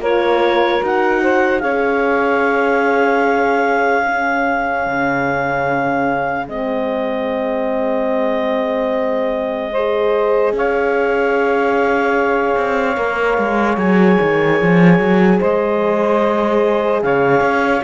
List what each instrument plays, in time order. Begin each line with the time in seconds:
0.00 cello A#3, horn F4, saxophone A#4, clarinet C#5
0.81 cello D#4, horn F#4, clarinet F#5
1.22 saxophone C5
1.60 cello C#4, horn G#4, saxophone C#5, clarinet F5
4.05 horn C#4, saxophone G#4
4.87 cello C#3
6.48 cello G#3, horn C4, clarinet D#5
9.72 horn G#4, saxophone C5
10.53 cello C#4, saxophone C#5, clarinet F5
12.57 cello C4
12.96 cello A#3, horn A#4
13.38 cello G#3
13.77 cello F#3, horn G#4, clarinet G#5
14.22 cello D#3
14.62 cello F3
14.99 cello F#3
15.40 cello G#3, saxophone C5, clarinet D#5
17.02 cello C#3, saxophone C#5, clarinet F5
17.41 cello C#4